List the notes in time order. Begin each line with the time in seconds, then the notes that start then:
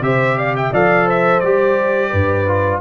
0.00 C3 G4 C5 E5
0.37 D5 F5
0.56 E5 G5
0.72 F3 A4 D5 F5
1.06 C5 E5
1.40 G3 G4 D5
2.10 G2 B4
2.47 F4